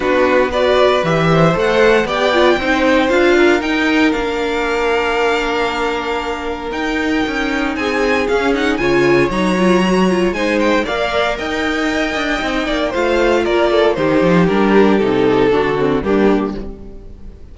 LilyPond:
<<
  \new Staff \with { instrumentName = "violin" } { \time 4/4 \tempo 4 = 116 b'4 d''4 e''4 fis''4 | g''2 f''4 g''4 | f''1~ | f''4 g''2 gis''4 |
f''8 fis''8 gis''4 ais''2 | gis''8 g''8 f''4 g''2~ | g''4 f''4 d''4 c''4 | ais'4 a'2 g'4 | }
  \new Staff \with { instrumentName = "violin" } { \time 4/4 fis'4 b'4. c''4. | d''4 c''4. ais'4.~ | ais'1~ | ais'2. gis'4~ |
gis'4 cis''2. | c''4 d''4 dis''2~ | dis''8 d''8 c''4 ais'8 a'8 g'4~ | g'2 fis'4 d'4 | }
  \new Staff \with { instrumentName = "viola" } { \time 4/4 d'4 fis'4 g'4 a'4 | g'8 f'8 dis'4 f'4 dis'4 | d'1~ | d'4 dis'2. |
cis'8 dis'8 f'4 dis'8 f'8 fis'8 f'8 | dis'4 ais'2. | dis'4 f'2 dis'4 | d'4 dis'4 d'8 c'8 ais4 | }
  \new Staff \with { instrumentName = "cello" } { \time 4/4 b2 e4 a4 | b4 c'4 d'4 dis'4 | ais1~ | ais4 dis'4 cis'4 c'4 |
cis'4 cis4 fis2 | gis4 ais4 dis'4. d'8 | c'8 ais8 a4 ais4 dis8 f8 | g4 c4 d4 g4 | }
>>